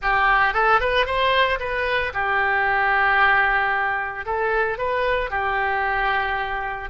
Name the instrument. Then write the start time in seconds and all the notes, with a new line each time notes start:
oboe
0.01 G4
0.53 A4
0.80 B4
1.05 C5
1.59 B4
2.13 G4
4.25 A4
4.78 B4
5.30 G4